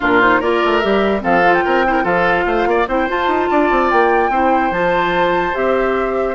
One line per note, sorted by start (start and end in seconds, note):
0.00 0.41 A#2
0.00 0.20 D4
0.00 0.40 F4
0.00 0.21 A#4
0.20 0.41 D#4
0.20 0.41 C5
0.40 0.61 A#3
0.40 0.81 F4
0.40 1.22 A#4
0.40 0.79 D5
0.65 0.84 A3
0.79 1.23 G3
0.79 1.20 G4
0.79 1.21 E5
1.20 1.64 F3
1.20 1.41 C4
1.20 1.64 A4
1.20 1.54 F5
1.45 1.86 F4
1.54 2.05 G5
1.64 2.04 C4
1.64 1.85 A#4
1.86 2.03 E4
1.86 2.02 A#4
1.86 1.92 C5
2.03 2.45 F3
2.03 2.85 F4
2.03 2.44 A4
2.03 2.87 F5
2.45 2.65 A3
2.45 2.67 C5
2.65 2.86 A#3
2.65 2.88 D5
2.87 3.07 C4
2.87 3.08 E4
2.87 3.50 C5
2.87 3.09 G5
3.08 4.31 F4
3.08 3.27 F4
3.08 3.90 A5
3.27 3.48 D#4
3.51 3.70 D4
3.51 4.31 D5
3.70 3.91 C4
3.90 4.29 A#3
3.90 4.72 G5
4.29 4.70 C4
4.29 4.73 E4
4.29 6.35 C5
4.71 5.53 F3
4.71 5.53 F4
4.71 5.54 A5
5.53 6.35 C4
5.53 6.35 G4
5.53 6.35 E5